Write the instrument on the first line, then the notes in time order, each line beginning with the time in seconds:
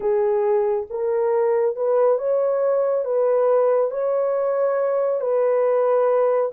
horn
0.00 G#4
0.90 A#4
1.76 B4
2.18 C#5
3.04 B4
3.91 C#5
5.20 B4